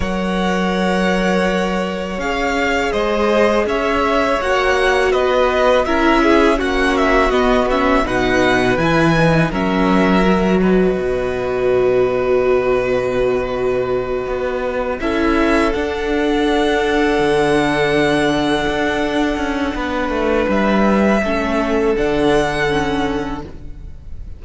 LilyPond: <<
  \new Staff \with { instrumentName = "violin" } { \time 4/4 \tempo 4 = 82 fis''2. f''4 | dis''4 e''4 fis''4 dis''4 | e''4 fis''8 e''8 dis''8 e''8 fis''4 | gis''4 e''4. dis''4.~ |
dis''1~ | dis''8 e''4 fis''2~ fis''8~ | fis''1 | e''2 fis''2 | }
  \new Staff \with { instrumentName = "violin" } { \time 4/4 cis''1 | c''4 cis''2 b'4 | ais'8 gis'8 fis'2 b'4~ | b'4 ais'4. b'4.~ |
b'1~ | b'8 a'2.~ a'8~ | a'2. b'4~ | b'4 a'2. | }
  \new Staff \with { instrumentName = "viola" } { \time 4/4 ais'2. gis'4~ | gis'2 fis'2 | e'4 cis'4 b8 cis'8 dis'4 | e'8 dis'8 cis'4 fis'2~ |
fis'1~ | fis'8 e'4 d'2~ d'8~ | d'1~ | d'4 cis'4 d'4 cis'4 | }
  \new Staff \with { instrumentName = "cello" } { \time 4/4 fis2. cis'4 | gis4 cis'4 ais4 b4 | cis'4 ais4 b4 b,4 | e4 fis2 b,4~ |
b,2.~ b,8 b8~ | b8 cis'4 d'2 d8~ | d4. d'4 cis'8 b8 a8 | g4 a4 d2 | }
>>